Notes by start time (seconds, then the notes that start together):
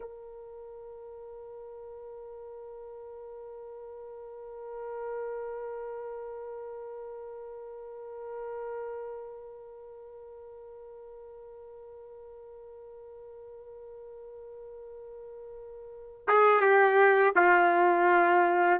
0.00 A#4
16.27 G#4
16.60 G4
17.35 F4